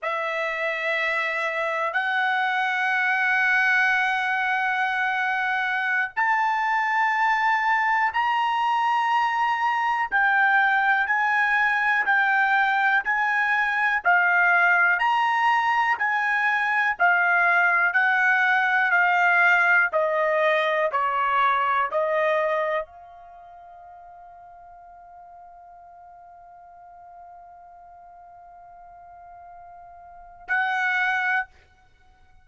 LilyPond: \new Staff \with { instrumentName = "trumpet" } { \time 4/4 \tempo 4 = 61 e''2 fis''2~ | fis''2~ fis''16 a''4.~ a''16~ | a''16 ais''2 g''4 gis''8.~ | gis''16 g''4 gis''4 f''4 ais''8.~ |
ais''16 gis''4 f''4 fis''4 f''8.~ | f''16 dis''4 cis''4 dis''4 f''8.~ | f''1~ | f''2. fis''4 | }